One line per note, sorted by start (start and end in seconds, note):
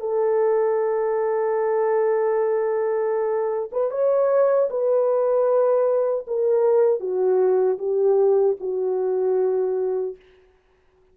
0.00 3.70 A4
3.72 3.91 B4
3.91 4.69 C#5
4.70 6.26 B4
6.28 7.00 A#4
7.00 7.78 F#4
7.79 8.56 G4
8.60 10.16 F#4